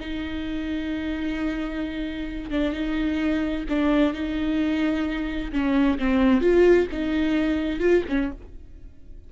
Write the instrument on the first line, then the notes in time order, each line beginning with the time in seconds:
viola
0.00 D#4
2.51 D4
2.73 D#4
3.69 D4
4.14 D#4
5.52 C#4
5.99 C4
6.41 F4
6.92 D#4
7.80 F4
8.09 C#4